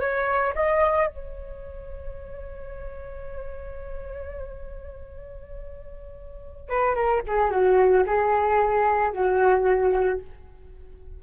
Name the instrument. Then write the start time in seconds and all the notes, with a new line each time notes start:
flute
0.00 C#5
0.55 D#5
1.07 C#5
6.69 B4
6.95 A#4
7.27 G#4
7.50 F#4
8.06 G#4
9.12 F#4